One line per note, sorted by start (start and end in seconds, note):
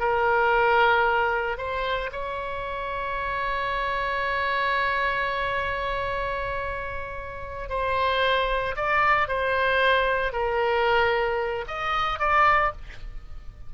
0.00 1.58 A#4
1.58 2.11 C5
2.12 7.70 C#5
7.70 8.76 C5
8.77 9.28 D5
9.28 10.33 C5
10.33 11.65 A#4
11.68 12.19 D#5
12.19 12.72 D5